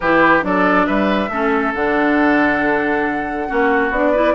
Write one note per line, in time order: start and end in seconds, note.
0.00 0.43 E3
0.00 0.41 E4
0.00 0.44 G4
0.00 0.42 B4
0.41 0.86 F#3
0.41 1.28 D4
0.41 0.86 A4
0.41 0.86 D5
0.86 1.29 G3
0.86 1.30 B4
0.86 1.73 E5
1.29 1.72 A3
1.29 1.75 C#4
1.29 3.47 A4
1.74 3.49 D3
1.74 3.47 D4
1.74 3.91 F#5
3.47 3.90 A#3
3.47 3.91 C#4
3.47 4.12 F#4
3.90 4.33 B3
3.90 4.15 D4
3.90 4.34 D5
4.12 4.34 E4
4.12 4.33 B4